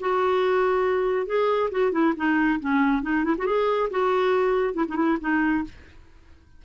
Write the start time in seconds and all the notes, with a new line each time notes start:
0.00 F#4
1.27 G#4
1.71 F#4
1.92 E4
2.16 D#4
2.60 C#4
3.03 D#4
3.25 E4
3.38 F#4
3.46 G#4
3.90 F#4
4.74 E4
4.88 D#4
4.96 E4
5.21 D#4